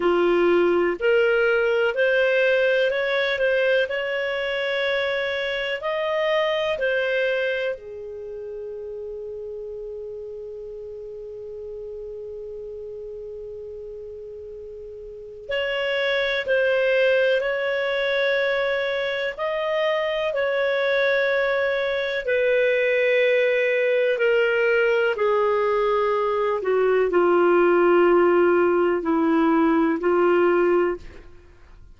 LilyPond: \new Staff \with { instrumentName = "clarinet" } { \time 4/4 \tempo 4 = 62 f'4 ais'4 c''4 cis''8 c''8 | cis''2 dis''4 c''4 | gis'1~ | gis'1 |
cis''4 c''4 cis''2 | dis''4 cis''2 b'4~ | b'4 ais'4 gis'4. fis'8 | f'2 e'4 f'4 | }